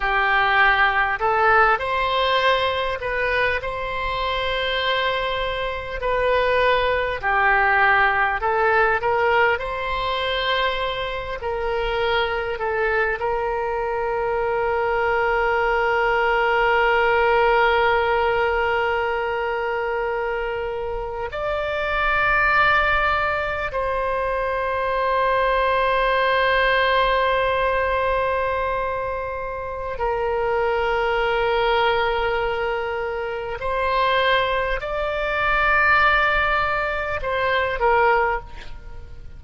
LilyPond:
\new Staff \with { instrumentName = "oboe" } { \time 4/4 \tempo 4 = 50 g'4 a'8 c''4 b'8 c''4~ | c''4 b'4 g'4 a'8 ais'8 | c''4. ais'4 a'8 ais'4~ | ais'1~ |
ais'4.~ ais'16 d''2 c''16~ | c''1~ | c''4 ais'2. | c''4 d''2 c''8 ais'8 | }